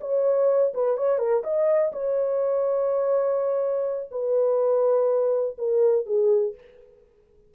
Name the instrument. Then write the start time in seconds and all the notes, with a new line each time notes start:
horn
0.00 C#5
0.74 B4
0.97 C#5
1.18 A#4
1.43 D#5
1.92 C#5
4.11 B4
5.58 A#4
6.06 G#4